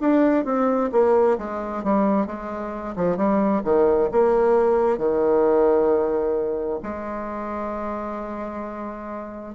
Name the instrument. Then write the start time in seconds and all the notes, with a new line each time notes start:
bassoon
0.00 D4
0.45 C4
0.92 A#3
1.38 G#3
1.83 G3
2.26 G#3
2.96 F3
3.17 G3
3.64 D#3
4.12 A#3
4.98 D#3
6.83 G#3